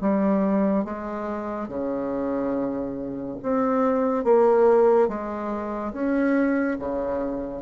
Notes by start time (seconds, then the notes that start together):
0.00 G3
0.85 G#3
1.68 C#3
3.42 C4
4.24 A#3
5.08 G#3
5.93 C#4
6.79 C#3